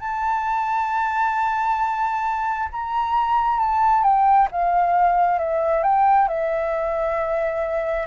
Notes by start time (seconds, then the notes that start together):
0.00 A5
2.72 A#5
3.59 A5
4.03 G5
4.51 F5
5.39 E5
5.83 G5
6.28 E5